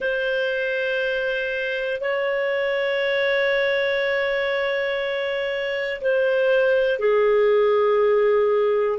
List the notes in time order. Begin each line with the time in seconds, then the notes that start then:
0.00 C5
2.00 C#5
6.00 C5
6.99 G#4